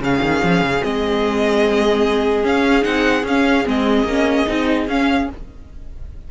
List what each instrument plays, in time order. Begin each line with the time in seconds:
0.00 cello C#3, viola C#4, violin G#4 F5
0.22 cello D#3
0.43 cello F3
0.62 cello C#3
0.83 cello G#3, viola C4, violin D#5
2.43 viola C#4, cello C#4, violin F5
2.82 cello C4, viola D#4, violin F#5
3.24 cello C#4, viola C#4, violin F5
3.65 cello G#3, viola C4, violin D#5
4.04 cello A#3, viola C#4
4.47 cello C4, viola D#4
4.88 cello C#4, viola C#4, violin F5